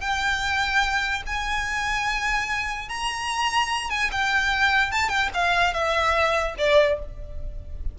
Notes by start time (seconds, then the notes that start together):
0.00 G5
1.26 G#5
2.88 A#5
3.90 G#5
4.11 G5
4.91 A5
5.09 G5
5.34 F5
5.73 E5
6.58 D5